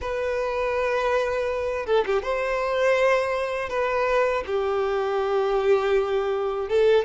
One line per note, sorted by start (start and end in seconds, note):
0.01 1.86 B4
1.86 2.04 A4
2.05 2.22 G4
2.22 3.69 C5
3.69 4.43 B4
4.46 6.68 G4
6.68 7.04 A4